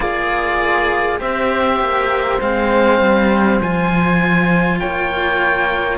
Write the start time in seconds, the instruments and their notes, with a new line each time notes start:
0.00 cello A#3 G#4, flute F4, oboe D5
1.19 cello C4 G4, flute C5, oboe E5
1.80 cello A#3
2.40 cello G#3 C4, oboe F5
3.00 cello G3
3.60 cello F3 F4, oboe G#5
4.79 cello A#3, flute C#5, oboe G5